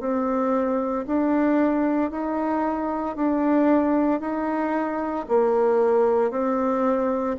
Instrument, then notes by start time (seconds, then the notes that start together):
bassoon
0.00 C4
1.07 D4
2.11 D#4
3.16 D4
4.20 D#4
5.28 A#3
6.31 C4